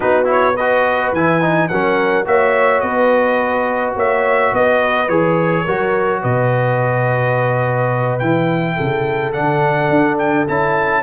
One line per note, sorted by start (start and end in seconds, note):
0.00 1.12 B3
0.00 0.25 D#4
0.00 0.55 F#4
0.00 0.27 B4
0.25 0.53 E4
0.25 0.56 C#5
0.55 1.16 F#4
0.55 1.68 B4
0.55 1.12 D#5
1.12 1.69 E3
1.12 1.41 E4
1.12 1.68 G#5
1.41 1.69 D#4
1.68 2.25 F#3
1.68 2.25 C#4
1.68 2.27 A#4
1.68 2.25 F#5
2.25 2.82 A#3
2.25 5.08 F#4
2.25 2.84 C#5
2.25 2.80 E5
2.80 3.95 B3
2.80 3.96 B4
2.80 3.93 D#5
3.96 4.52 A#3
3.96 4.52 C#5
3.96 4.54 E5
4.53 5.08 B3
4.53 5.64 B4
4.53 5.08 D#5
5.08 5.65 E3
5.08 5.66 G#4
5.08 6.21 C#5
5.64 6.23 F#3
5.64 8.21 F#4
5.64 6.21 A#4
6.21 8.21 B2
6.21 8.75 B4
6.21 8.19 D#5
8.19 8.77 E3
8.19 9.33 E4
8.19 9.32 G5
8.75 9.34 C#3
8.75 11.02 A4
9.32 9.89 D3
9.32 10.47 D4
9.32 10.17 F#5
9.89 10.46 D4
10.18 10.46 G5
10.47 11.02 C#4
10.47 11.02 E4
10.47 11.02 A5